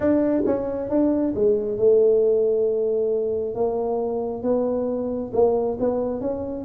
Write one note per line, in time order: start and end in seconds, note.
0.00 0.43 D4
0.45 0.89 C#4
0.89 1.34 D4
1.35 1.77 G#3
1.77 3.54 A3
3.54 4.42 A#3
4.42 5.31 B3
5.33 5.77 A#3
5.79 6.21 B3
6.21 6.64 C#4